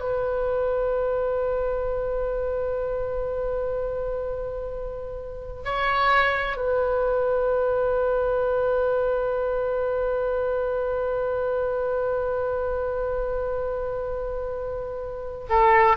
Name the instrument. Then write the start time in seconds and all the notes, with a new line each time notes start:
oboe
0.00 B4
5.64 C#5
6.56 B4
15.49 A4